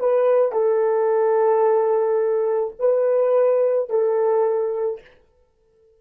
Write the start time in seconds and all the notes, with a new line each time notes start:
0.00 B4
0.53 A4
2.80 B4
3.90 A4